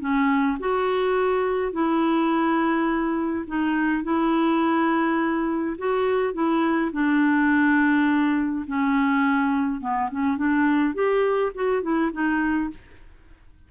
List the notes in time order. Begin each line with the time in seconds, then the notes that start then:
0.00 C#4
0.60 F#4
1.72 E4
3.47 D#4
4.04 E4
5.78 F#4
6.33 E4
6.92 D4
8.67 C#4
9.81 B3
10.11 C#4
10.37 D4
10.94 G4
11.55 F#4
11.82 E4
12.12 D#4